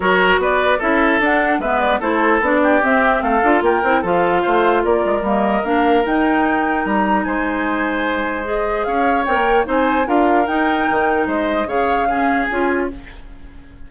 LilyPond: <<
  \new Staff \with { instrumentName = "flute" } { \time 4/4 \tempo 4 = 149 cis''4 d''4 e''4 fis''4 | e''8 d''8 c''4 d''4 e''4 | f''4 g''4 f''2 | d''4 dis''4 f''4 g''4~ |
g''4 ais''4 gis''2~ | gis''4 dis''4 f''4 g''4 | gis''4 f''4 g''2 | dis''4 f''2 gis''4 | }
  \new Staff \with { instrumentName = "oboe" } { \time 4/4 ais'4 b'4 a'2 | b'4 a'4. g'4. | a'4 ais'4 a'4 c''4 | ais'1~ |
ais'2 c''2~ | c''2 cis''2 | c''4 ais'2. | c''4 cis''4 gis'2 | }
  \new Staff \with { instrumentName = "clarinet" } { \time 4/4 fis'2 e'4 d'4 | b4 e'4 d'4 c'4~ | c'8 f'4 e'8 f'2~ | f'4 ais4 d'4 dis'4~ |
dis'1~ | dis'4 gis'2 ais'4 | dis'4 f'4 dis'2~ | dis'4 gis'4 cis'4 f'4 | }
  \new Staff \with { instrumentName = "bassoon" } { \time 4/4 fis4 b4 cis'4 d'4 | gis4 a4 b4 c'4 | a8 d'8 ais8 c'8 f4 a4 | ais8 gis8 g4 ais4 dis'4~ |
dis'4 g4 gis2~ | gis2 cis'4 c'16 ais8. | c'4 d'4 dis'4 dis4 | gis4 cis2 cis'4 | }
>>